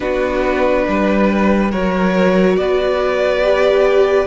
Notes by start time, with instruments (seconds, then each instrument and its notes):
0.00 cello B3, viola D4, violin F#4 B4
0.87 cello G3, violin B4
1.71 cello F#3, viola F#4, violin A#4 C#5
2.56 cello B3, violin B4 D5
3.42 viola G4